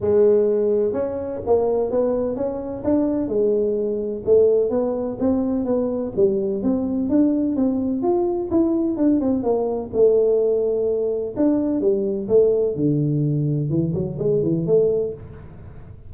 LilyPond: \new Staff \with { instrumentName = "tuba" } { \time 4/4 \tempo 4 = 127 gis2 cis'4 ais4 | b4 cis'4 d'4 gis4~ | gis4 a4 b4 c'4 | b4 g4 c'4 d'4 |
c'4 f'4 e'4 d'8 c'8 | ais4 a2. | d'4 g4 a4 d4~ | d4 e8 fis8 gis8 e8 a4 | }